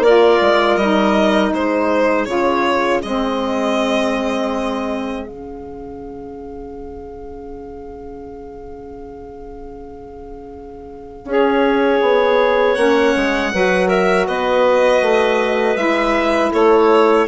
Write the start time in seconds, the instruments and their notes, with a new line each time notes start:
0.00 bassoon A#3, saxophone F4, clarinet A#4, violin D5
0.41 bassoon G#3
0.77 bassoon G3, saxophone D#4, violin D#5
1.52 bassoon G#3, clarinet G#4, violin C5
2.25 bassoon C#3, saxophone F4, violin C#5
3.03 bassoon G#3, saxophone C4, violin D#5
5.27 bassoon C#3, saxophone C#4, violin F5
11.25 bassoon C#4, saxophone G#4
11.31 clarinet C#5
12.02 bassoon B3
12.75 bassoon A#3, saxophone C#4, violin F#5
13.16 bassoon G#3
13.53 bassoon F#3, saxophone F#4, clarinet B4
13.88 clarinet A#4, violin E5
14.27 bassoon B3, clarinet B4, violin D#5
15.02 bassoon A3
15.76 bassoon G#3, saxophone E4, violin E5
16.52 bassoon A3, clarinet A4, violin C#5